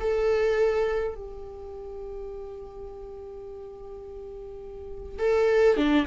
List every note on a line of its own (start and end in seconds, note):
0.00 1.15 A4
1.15 5.19 G4
5.19 5.77 A4
5.77 6.06 D4